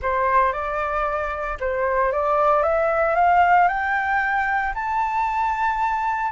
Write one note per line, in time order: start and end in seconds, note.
0.01 0.53 C5
0.53 1.58 D5
1.60 2.11 C5
2.11 2.62 D5
2.62 3.15 E5
3.15 3.67 F5
3.68 4.73 G5
4.74 6.32 A5